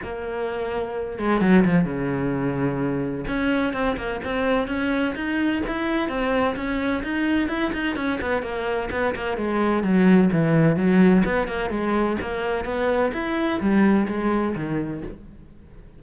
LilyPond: \new Staff \with { instrumentName = "cello" } { \time 4/4 \tempo 4 = 128 ais2~ ais8 gis8 fis8 f8 | cis2. cis'4 | c'8 ais8 c'4 cis'4 dis'4 | e'4 c'4 cis'4 dis'4 |
e'8 dis'8 cis'8 b8 ais4 b8 ais8 | gis4 fis4 e4 fis4 | b8 ais8 gis4 ais4 b4 | e'4 g4 gis4 dis4 | }